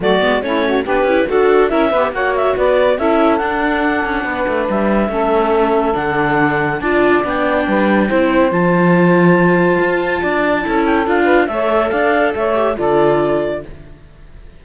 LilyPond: <<
  \new Staff \with { instrumentName = "clarinet" } { \time 4/4 \tempo 4 = 141 d''4 cis''4 b'4 a'4 | e''4 fis''8 e''8 d''4 e''4 | fis''2. e''4~ | e''2 fis''2 |
a''4 g''2. | a''1~ | a''4. g''8 f''4 e''4 | f''4 e''4 d''2 | }
  \new Staff \with { instrumentName = "saxophone" } { \time 4/4 fis'4 e'8 fis'8 g'4 fis'4 | ais'8 b'8 cis''4 b'4 a'4~ | a'2 b'2 | a'1 |
d''2 b'4 c''4~ | c''1 | d''4 a'4. b'8 cis''4 | d''4 cis''4 a'2 | }
  \new Staff \with { instrumentName = "viola" } { \time 4/4 a8 b8 cis'4 d'8 e'8 fis'4 | e'8 g'8 fis'2 e'4 | d'1 | cis'2 d'2 |
f'4 d'2 e'4 | f'1~ | f'4 e'4 f'4 a'4~ | a'4. g'8 f'2 | }
  \new Staff \with { instrumentName = "cello" } { \time 4/4 fis8 gis8 a4 b8 cis'8 d'4 | cis'8 b8 ais4 b4 cis'4 | d'4. cis'8 b8 a8 g4 | a2 d2 |
d'4 b4 g4 c'4 | f2. f'4 | d'4 cis'4 d'4 a4 | d'4 a4 d2 | }
>>